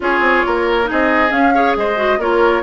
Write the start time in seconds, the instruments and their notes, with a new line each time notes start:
0.00 bassoon C#4, clarinet F4, oboe G#4, flute C#5
0.20 bassoon C4
0.46 bassoon A#3, oboe A#4
0.84 clarinet D#4, oboe G#4
0.90 bassoon C4, flute D#5
1.30 clarinet C#4, bassoon C#4, flute F5
1.54 clarinet G#4, oboe C#5
1.76 bassoon G#3, oboe C5, flute D#5
1.96 clarinet F#4
2.18 bassoon A#3, clarinet F4, oboe A#4, flute C#5